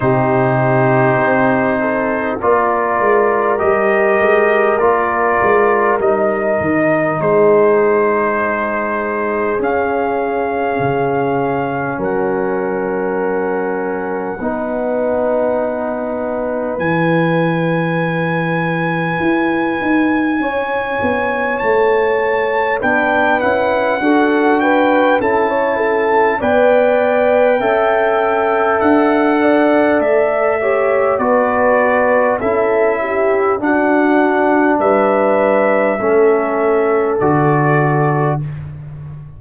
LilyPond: <<
  \new Staff \with { instrumentName = "trumpet" } { \time 4/4 \tempo 4 = 50 c''2 d''4 dis''4 | d''4 dis''4 c''2 | f''2 fis''2~ | fis''2 gis''2~ |
gis''2 a''4 g''8 fis''8~ | fis''8 g''8 a''4 g''2 | fis''4 e''4 d''4 e''4 | fis''4 e''2 d''4 | }
  \new Staff \with { instrumentName = "horn" } { \time 4/4 g'4. a'8 ais'2~ | ais'2 gis'2~ | gis'2 ais'2 | b'1~ |
b'4 cis''2 b'4 | a'8 b'8 a'16 cis''16 a'8 d''4 e''4~ | e''8 d''4 cis''8 b'4 a'8 g'8 | fis'4 b'4 a'2 | }
  \new Staff \with { instrumentName = "trombone" } { \time 4/4 dis'2 f'4 g'4 | f'4 dis'2. | cis'1 | dis'2 e'2~ |
e'2. d'8 e'8 | fis'4 e'4 b'4 a'4~ | a'4. g'8 fis'4 e'4 | d'2 cis'4 fis'4 | }
  \new Staff \with { instrumentName = "tuba" } { \time 4/4 c4 c'4 ais8 gis8 g8 gis8 | ais8 gis8 g8 dis8 gis2 | cis'4 cis4 fis2 | b2 e2 |
e'8 dis'8 cis'8 b8 a4 b8 cis'8 | d'4 cis'4 b4 cis'4 | d'4 a4 b4 cis'4 | d'4 g4 a4 d4 | }
>>